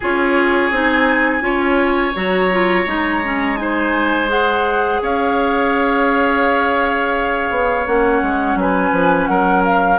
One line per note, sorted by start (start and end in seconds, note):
0.00 0.70 C#4
0.00 0.72 F4
0.00 1.42 G#4
0.00 0.73 C#5
0.70 1.41 C4
0.70 1.41 D#4
0.70 2.16 G#5
1.41 2.12 C#4
1.41 2.12 F4
1.41 3.59 C#5
2.15 2.86 F#3
2.15 2.51 F#4
2.15 3.56 A#5
2.51 2.86 F4
2.86 5.00 G#3
2.86 3.22 D#4
3.23 3.56 C#4
3.56 4.27 D#4
3.56 5.02 C5
3.56 4.28 G#5
4.27 7.85 G#4
4.27 5.01 F#5
5.01 7.50 C#4
5.01 8.59 C#5
5.01 7.87 F5
7.50 7.86 B3
7.86 8.22 A#3
7.86 9.98 C#4
7.86 8.58 F#5
8.22 8.55 G#3
8.55 8.90 F#3
8.55 9.29 B4
8.61 9.26 G#5
8.91 9.27 F3
9.26 9.98 F#3
9.26 9.98 A#4
9.26 9.62 F#5
9.64 9.98 F5